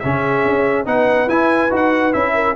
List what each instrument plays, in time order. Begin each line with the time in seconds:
0.00 tuba C#3, trombone C#4, horn G#4, trumpet E5
0.45 tuba C#4
0.86 tuba B3, trombone D#4, horn B4, trumpet F#5
1.27 tuba E4, trombone E4, trumpet G#5
1.70 tuba D#4, trombone F#4, trumpet F#5
2.13 tuba C#4, trombone E4, trumpet E5
2.34 horn A#4